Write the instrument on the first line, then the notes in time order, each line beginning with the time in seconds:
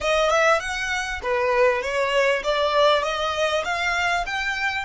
violin
0.00 D#5
0.30 E5
0.60 F#5
1.22 B4
1.82 C#5
2.43 D5
3.02 D#5
3.64 F5
4.26 G5